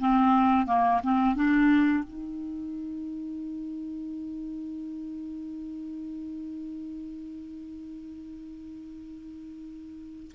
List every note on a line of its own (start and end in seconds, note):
0.00 0.67 C4
0.67 1.02 A#3
1.04 1.36 C4
1.36 2.05 D4
2.05 10.32 D#4